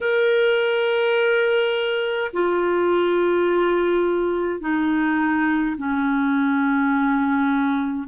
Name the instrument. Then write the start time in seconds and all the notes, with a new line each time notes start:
clarinet
0.00 A#4
2.33 F4
4.60 D#4
5.77 C#4